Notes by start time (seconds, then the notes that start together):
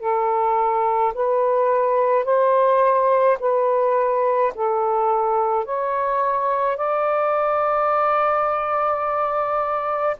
0.00 A4
1.15 B4
2.25 C5
3.40 B4
4.55 A4
5.66 C#5
6.77 D5